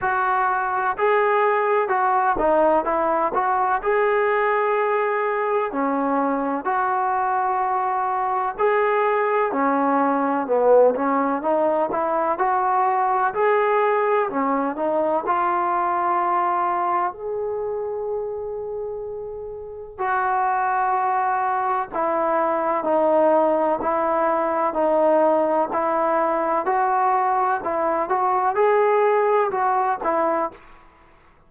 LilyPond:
\new Staff \with { instrumentName = "trombone" } { \time 4/4 \tempo 4 = 63 fis'4 gis'4 fis'8 dis'8 e'8 fis'8 | gis'2 cis'4 fis'4~ | fis'4 gis'4 cis'4 b8 cis'8 | dis'8 e'8 fis'4 gis'4 cis'8 dis'8 |
f'2 gis'2~ | gis'4 fis'2 e'4 | dis'4 e'4 dis'4 e'4 | fis'4 e'8 fis'8 gis'4 fis'8 e'8 | }